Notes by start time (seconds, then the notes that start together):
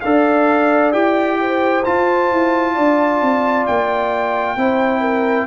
0.00 D4 A4 D5 F5
0.92 E4 G4 G5
1.41 C5
1.84 F4 A5
2.31 E4
2.74 D4 D5
3.21 C4
3.66 A#3 G5
4.56 C4 E4 C5
5.00 A#4